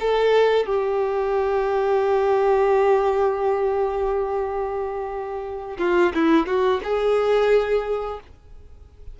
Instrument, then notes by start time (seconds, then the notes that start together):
violin
0.00 A4
0.66 G4
5.78 F4
6.14 E4
6.46 F#4
6.83 G#4